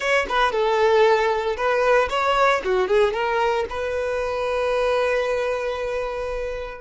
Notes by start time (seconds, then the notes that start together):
0.00 C#5
0.28 B4
0.51 A4
1.57 B4
2.09 C#5
2.64 F#4
2.87 G#4
3.13 A#4
3.69 B4